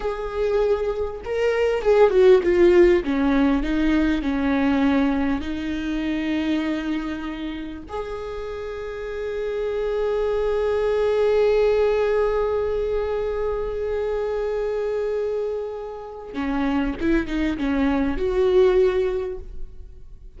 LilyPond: \new Staff \with { instrumentName = "viola" } { \time 4/4 \tempo 4 = 99 gis'2 ais'4 gis'8 fis'8 | f'4 cis'4 dis'4 cis'4~ | cis'4 dis'2.~ | dis'4 gis'2.~ |
gis'1~ | gis'1~ | gis'2. cis'4 | e'8 dis'8 cis'4 fis'2 | }